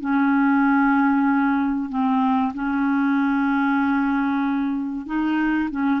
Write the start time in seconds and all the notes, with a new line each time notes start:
0.00 C#4
1.89 C4
2.53 C#4
5.06 D#4
5.70 C#4